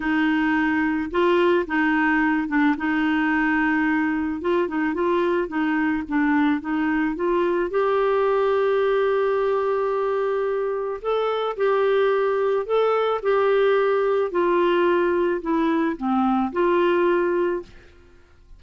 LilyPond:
\new Staff \with { instrumentName = "clarinet" } { \time 4/4 \tempo 4 = 109 dis'2 f'4 dis'4~ | dis'8 d'8 dis'2. | f'8 dis'8 f'4 dis'4 d'4 | dis'4 f'4 g'2~ |
g'1 | a'4 g'2 a'4 | g'2 f'2 | e'4 c'4 f'2 | }